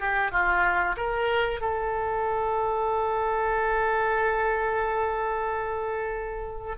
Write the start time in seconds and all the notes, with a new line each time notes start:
0.00 G4
0.31 F4
0.97 A#4
1.61 A4